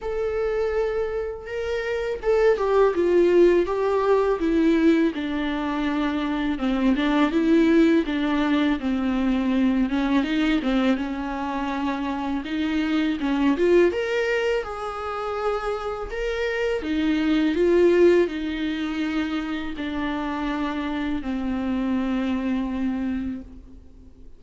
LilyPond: \new Staff \with { instrumentName = "viola" } { \time 4/4 \tempo 4 = 82 a'2 ais'4 a'8 g'8 | f'4 g'4 e'4 d'4~ | d'4 c'8 d'8 e'4 d'4 | c'4. cis'8 dis'8 c'8 cis'4~ |
cis'4 dis'4 cis'8 f'8 ais'4 | gis'2 ais'4 dis'4 | f'4 dis'2 d'4~ | d'4 c'2. | }